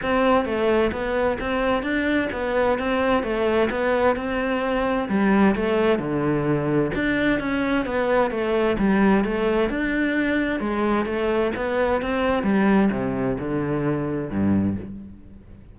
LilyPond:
\new Staff \with { instrumentName = "cello" } { \time 4/4 \tempo 4 = 130 c'4 a4 b4 c'4 | d'4 b4 c'4 a4 | b4 c'2 g4 | a4 d2 d'4 |
cis'4 b4 a4 g4 | a4 d'2 gis4 | a4 b4 c'4 g4 | c4 d2 g,4 | }